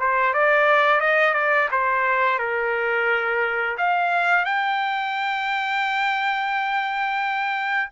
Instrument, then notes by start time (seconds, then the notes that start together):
trumpet
0.00 C5
0.34 D5
1.01 D#5
1.34 D5
1.71 C5
2.39 A#4
3.78 F5
4.45 G5